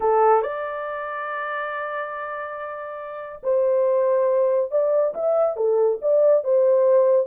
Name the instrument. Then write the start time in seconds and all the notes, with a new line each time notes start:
horn
0.00 A4
0.42 D5
3.43 C5
4.71 D5
5.14 E5
5.56 A4
6.01 D5
6.44 C5